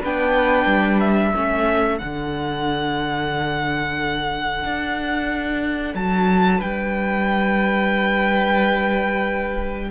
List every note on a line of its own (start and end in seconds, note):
0.00 0.66 B3
0.00 1.35 D4
0.00 1.32 B4
0.00 1.00 G5
0.66 1.32 G3
1.00 1.99 E5
1.32 2.01 A3
1.32 1.98 C#4
1.32 6.58 A4
1.98 4.64 D3
1.98 9.89 D4
1.98 5.94 F#5
4.64 5.95 D4
5.95 6.61 F#3
5.95 6.61 A5
6.58 9.91 G3
6.58 9.88 B4
6.58 9.91 G5